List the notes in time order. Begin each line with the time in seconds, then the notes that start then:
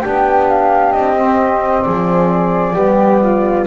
0.00 B3 D4 G4 G5
0.48 F5
0.92 C4 D#5
1.16 C4
1.83 F3 G#4 D5
2.74 G3 B3 G4
3.22 F4